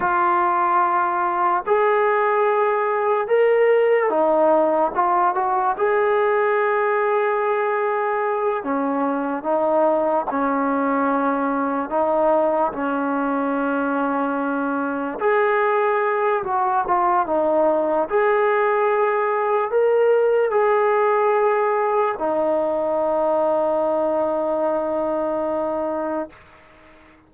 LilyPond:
\new Staff \with { instrumentName = "trombone" } { \time 4/4 \tempo 4 = 73 f'2 gis'2 | ais'4 dis'4 f'8 fis'8 gis'4~ | gis'2~ gis'8 cis'4 dis'8~ | dis'8 cis'2 dis'4 cis'8~ |
cis'2~ cis'8 gis'4. | fis'8 f'8 dis'4 gis'2 | ais'4 gis'2 dis'4~ | dis'1 | }